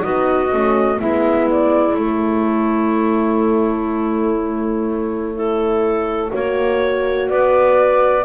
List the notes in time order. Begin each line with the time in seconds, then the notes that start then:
0.00 B3 D#4 F#4 D#5
0.51 A3 C#4
0.95 G#3 B3 E4 E5
1.50 D5
1.95 A3 C#5
5.33 E4 A4
6.29 A#3 F#4 C#5
7.28 B3 B4 D5